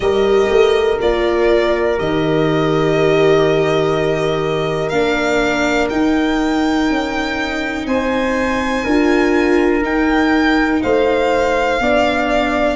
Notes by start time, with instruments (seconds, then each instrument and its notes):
0.00 tuba G3, viola G4, horn A#4, violin D#5
0.49 tuba A3
1.00 tuba A#3, viola F4, violin D5
1.97 tuba D#3, viola G4, violin D#5
4.89 tuba A#3, viola D4, violin F5
5.89 viola D#4, tuba D#4, violin G5
6.89 tuba C#4
7.86 tuba C4, horn C5, violin G#5
8.84 tuba D4, viola F4, horn A#4
9.82 tuba D#4, viola D#4, violin G5
10.82 tuba A3, horn C5, violin F5
11.80 tuba B3, viola D4, horn D5